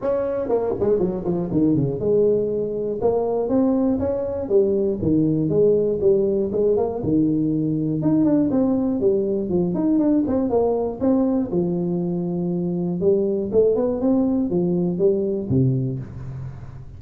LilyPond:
\new Staff \with { instrumentName = "tuba" } { \time 4/4 \tempo 4 = 120 cis'4 ais8 gis8 fis8 f8 dis8 cis8 | gis2 ais4 c'4 | cis'4 g4 dis4 gis4 | g4 gis8 ais8 dis2 |
dis'8 d'8 c'4 g4 f8 dis'8 | d'8 c'8 ais4 c'4 f4~ | f2 g4 a8 b8 | c'4 f4 g4 c4 | }